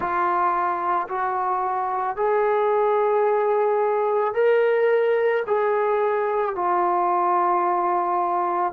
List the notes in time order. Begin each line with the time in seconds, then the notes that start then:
0.00 F4
1.08 F#4
2.16 G#4
4.33 A#4
5.46 G#4
6.55 F4